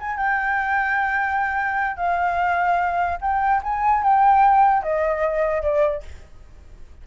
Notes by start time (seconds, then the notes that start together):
0.00 G#5
0.17 G5
1.97 F5
3.21 G5
3.63 G#5
4.03 G5
4.83 D#5
5.62 D5